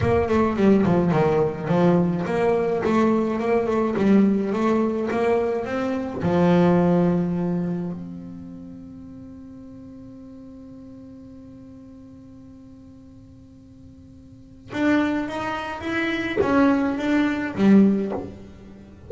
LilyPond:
\new Staff \with { instrumentName = "double bass" } { \time 4/4 \tempo 4 = 106 ais8 a8 g8 f8 dis4 f4 | ais4 a4 ais8 a8 g4 | a4 ais4 c'4 f4~ | f2 c'2~ |
c'1~ | c'1~ | c'2 d'4 dis'4 | e'4 cis'4 d'4 g4 | }